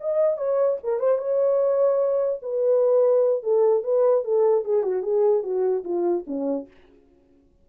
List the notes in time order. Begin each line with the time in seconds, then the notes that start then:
0.00 D#5
0.37 C#5
0.83 A#4
0.99 C5
1.18 C#5
2.42 B4
3.43 A4
3.83 B4
4.24 A4
4.64 G#4
4.83 F#4
5.03 G#4
5.43 F#4
5.84 F4
6.27 C#4